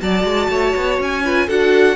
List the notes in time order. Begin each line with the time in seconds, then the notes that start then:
0.00 F#3 F#4 D5 A5
0.24 G#3
0.49 A3 C#5
0.76 B3
0.99 C#4 G#5
1.24 F4 B4
1.47 D4 F#4 A4 F#5